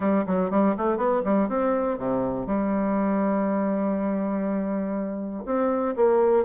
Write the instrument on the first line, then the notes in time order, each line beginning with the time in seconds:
bassoon
0.00 G3
0.26 F#3
0.50 G3
0.77 A3
0.97 B3
1.24 G3
1.48 C4
1.97 C3
2.46 G3
5.45 C4
5.95 A#3